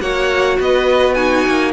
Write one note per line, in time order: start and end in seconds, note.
0.00 0.58 A#3
0.00 1.16 F#4
0.00 0.59 C#5
0.00 0.58 F#5
0.59 1.45 B3
0.59 1.15 B4
0.59 1.14 D#5
1.14 1.72 D#4
1.14 1.72 F#4
1.14 1.71 G#5
1.46 1.72 A#3